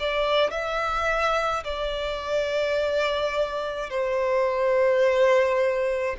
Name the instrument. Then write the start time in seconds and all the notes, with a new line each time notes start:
violin
0.00 D5
0.51 E5
1.65 D5
3.90 C5